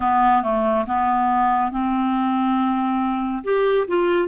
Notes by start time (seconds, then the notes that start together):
0.00 B3
0.42 A3
0.86 B3
1.71 C4
3.44 G4
3.87 F4